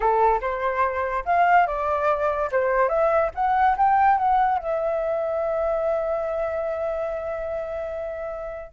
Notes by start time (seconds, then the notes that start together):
0.00 A4
0.41 C5
1.25 F5
1.66 D5
2.51 C5
2.88 E5
3.34 F#5
3.77 G5
4.18 F#5
4.58 E5